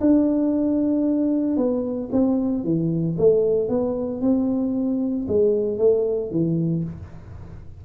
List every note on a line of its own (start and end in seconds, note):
0.00 1.56 D4
1.56 2.09 B3
2.11 2.63 C4
2.63 3.16 E3
3.18 3.68 A3
3.68 4.21 B3
4.21 5.26 C4
5.28 5.78 G#3
5.78 6.30 A3
6.30 6.83 E3